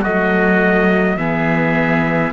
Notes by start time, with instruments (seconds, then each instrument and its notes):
0.00 cello F#3, viola A3, oboe F#4, trumpet D#5
1.17 cello E3, viola B3, oboe G#4, trumpet E5